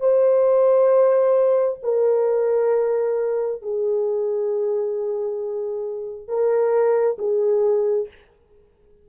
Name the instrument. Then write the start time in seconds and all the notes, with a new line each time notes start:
horn
0.00 C5
1.83 A#4
3.63 G#4
6.28 A#4
7.19 G#4